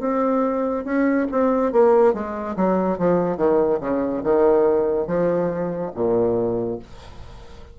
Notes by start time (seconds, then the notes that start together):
0.00 C4
0.85 C#4
1.31 C4
1.72 A#3
2.14 G#3
2.56 F#3
2.98 F3
3.37 D#3
3.80 C#3
4.23 D#3
5.07 F3
5.95 A#2